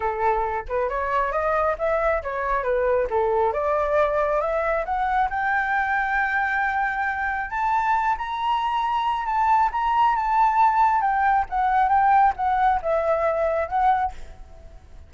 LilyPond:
\new Staff \with { instrumentName = "flute" } { \time 4/4 \tempo 4 = 136 a'4. b'8 cis''4 dis''4 | e''4 cis''4 b'4 a'4 | d''2 e''4 fis''4 | g''1~ |
g''4 a''4. ais''4.~ | ais''4 a''4 ais''4 a''4~ | a''4 g''4 fis''4 g''4 | fis''4 e''2 fis''4 | }